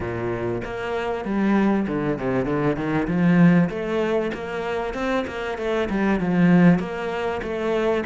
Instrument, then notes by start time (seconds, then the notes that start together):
cello
0.00 A#2
0.64 A#3
1.25 G3
1.87 D3
2.18 C3
2.45 D3
2.76 D#3
3.07 F3
3.69 A3
4.34 A#3
4.94 C4
5.27 A#3
5.58 A3
5.89 G3
6.20 F3
6.79 A#3
7.42 A3